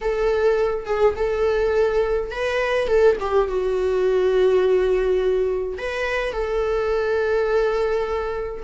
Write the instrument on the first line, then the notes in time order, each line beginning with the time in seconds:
viola
0.01 A4
0.85 G#4
1.16 A4
2.31 B4
2.87 A4
3.19 G4
3.48 F#4
5.78 B4
6.33 A4